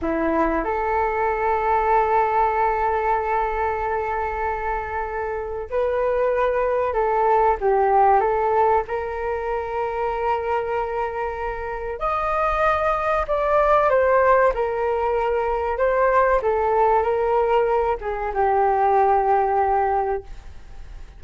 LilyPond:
\new Staff \with { instrumentName = "flute" } { \time 4/4 \tempo 4 = 95 e'4 a'2.~ | a'1~ | a'4 b'2 a'4 | g'4 a'4 ais'2~ |
ais'2. dis''4~ | dis''4 d''4 c''4 ais'4~ | ais'4 c''4 a'4 ais'4~ | ais'8 gis'8 g'2. | }